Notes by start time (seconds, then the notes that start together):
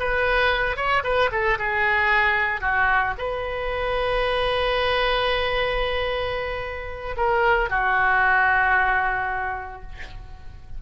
0.00 B4
0.77 C#5
1.04 B4
1.32 A4
1.59 G#4
2.61 F#4
3.18 B4
7.17 A#4
7.70 F#4